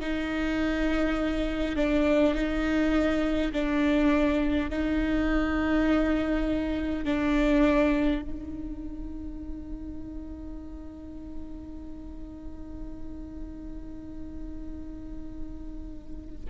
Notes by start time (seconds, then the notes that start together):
0.00 D#4
1.76 D4
2.35 D#4
3.53 D4
4.70 D#4
7.05 D4
8.22 D#4